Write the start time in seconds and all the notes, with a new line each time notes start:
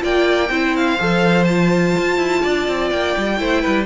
0.00 A#3 F4 D5 G5
0.49 C4 E4 C5
0.76 F5
0.99 F3 A4
1.44 F4 A5
1.98 F4
2.18 E4
2.42 D4 D5
2.68 C4
2.91 A#3 G5
3.17 G3
3.37 A3 E4 C5
3.62 G3 B4